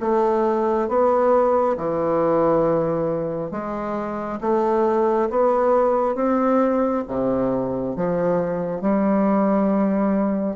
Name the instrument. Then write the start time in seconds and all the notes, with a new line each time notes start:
bassoon
0.00 A3
0.88 B3
1.77 E3
3.51 G#3
4.41 A3
5.30 B3
6.15 C4
7.07 C3
7.96 F3
8.81 G3